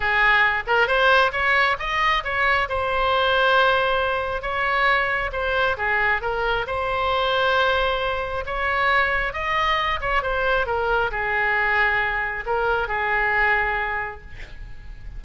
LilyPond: \new Staff \with { instrumentName = "oboe" } { \time 4/4 \tempo 4 = 135 gis'4. ais'8 c''4 cis''4 | dis''4 cis''4 c''2~ | c''2 cis''2 | c''4 gis'4 ais'4 c''4~ |
c''2. cis''4~ | cis''4 dis''4. cis''8 c''4 | ais'4 gis'2. | ais'4 gis'2. | }